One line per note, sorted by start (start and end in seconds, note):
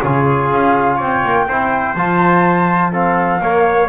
0.00 0.52 C#3
0.00 1.49 F4
0.00 0.96 G#4
0.00 0.48 C#5
0.52 1.00 C#4
0.52 1.01 F5
0.96 1.24 C4
0.96 1.45 C#5
0.96 1.95 G5
1.24 1.48 A#3
1.48 1.95 C4
1.48 1.97 E4
1.48 2.93 C5
1.95 3.40 F3
1.95 2.92 F4
1.95 2.91 A5
2.92 3.41 C4
2.92 3.41 A4
2.92 3.89 F5
3.40 3.89 A#3
3.40 3.89 C#5